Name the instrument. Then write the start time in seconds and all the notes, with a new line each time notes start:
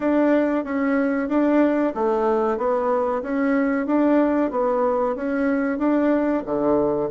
bassoon
0.00 D4
0.64 C#4
1.28 D4
1.94 A3
2.57 B3
3.22 C#4
3.86 D4
4.50 B3
5.15 C#4
5.78 D4
6.45 D3